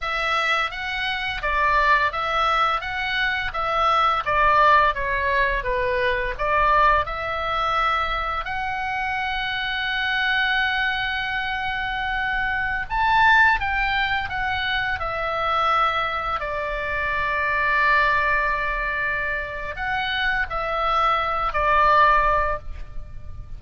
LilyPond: \new Staff \with { instrumentName = "oboe" } { \time 4/4 \tempo 4 = 85 e''4 fis''4 d''4 e''4 | fis''4 e''4 d''4 cis''4 | b'4 d''4 e''2 | fis''1~ |
fis''2~ fis''16 a''4 g''8.~ | g''16 fis''4 e''2 d''8.~ | d''1 | fis''4 e''4. d''4. | }